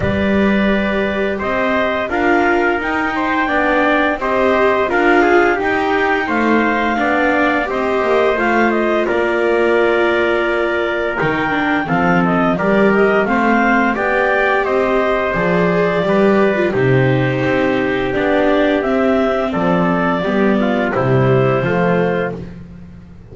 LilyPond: <<
  \new Staff \with { instrumentName = "clarinet" } { \time 4/4 \tempo 4 = 86 d''2 dis''4 f''4 | g''2 dis''4 f''4 | g''4 f''2 dis''4 | f''8 dis''8 d''2. |
g''4 f''8 dis''8 d''8 dis''8 f''4 | g''4 dis''4 d''2 | c''2 d''4 e''4 | d''2 c''2 | }
  \new Staff \with { instrumentName = "trumpet" } { \time 4/4 b'2 c''4 ais'4~ | ais'8 c''8 d''4 c''4 ais'8 gis'8 | g'4 c''4 d''4 c''4~ | c''4 ais'2.~ |
ais'4 a'4 ais'4 c''4 | d''4 c''2 b'4 | g'1 | a'4 g'8 f'8 e'4 f'4 | }
  \new Staff \with { instrumentName = "viola" } { \time 4/4 g'2. f'4 | dis'4 d'4 g'4 f'4 | dis'2 d'4 g'4 | f'1 |
dis'8 d'8 c'4 g'4 c'4 | g'2 gis'4 g'8. f'16 | dis'2 d'4 c'4~ | c'4 b4 g4 a4 | }
  \new Staff \with { instrumentName = "double bass" } { \time 4/4 g2 c'4 d'4 | dis'4 b4 c'4 d'4 | dis'4 a4 b4 c'8 ais8 | a4 ais2. |
dis4 f4 g4 a4 | b4 c'4 f4 g4 | c4 c'4 b4 c'4 | f4 g4 c4 f4 | }
>>